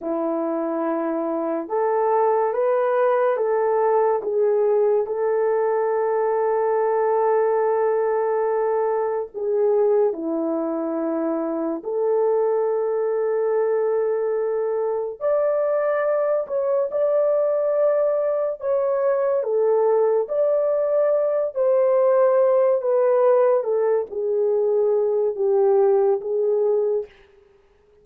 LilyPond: \new Staff \with { instrumentName = "horn" } { \time 4/4 \tempo 4 = 71 e'2 a'4 b'4 | a'4 gis'4 a'2~ | a'2. gis'4 | e'2 a'2~ |
a'2 d''4. cis''8 | d''2 cis''4 a'4 | d''4. c''4. b'4 | a'8 gis'4. g'4 gis'4 | }